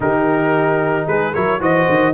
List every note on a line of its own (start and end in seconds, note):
0.00 1.06 D#3
0.00 1.33 D#4
0.00 1.07 G4
0.00 1.07 A#4
1.07 1.34 G#3
1.07 1.32 G#4
1.07 1.34 B4
1.32 1.60 F#3
1.32 1.60 E4
1.32 1.59 A#4
1.32 1.60 C#5
1.60 1.87 E3
1.60 2.13 F#4
1.60 2.14 C5
1.60 2.14 D#5
1.88 2.14 D#3